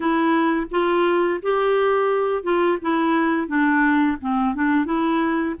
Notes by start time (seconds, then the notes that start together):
0.00 E4
0.70 F4
1.42 G4
2.43 F4
2.81 E4
3.47 D4
4.20 C4
4.54 D4
4.85 E4